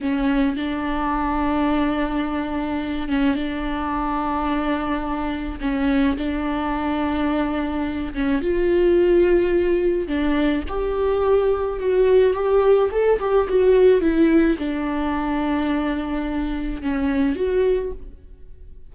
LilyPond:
\new Staff \with { instrumentName = "viola" } { \time 4/4 \tempo 4 = 107 cis'4 d'2.~ | d'4. cis'8 d'2~ | d'2 cis'4 d'4~ | d'2~ d'8 cis'8 f'4~ |
f'2 d'4 g'4~ | g'4 fis'4 g'4 a'8 g'8 | fis'4 e'4 d'2~ | d'2 cis'4 fis'4 | }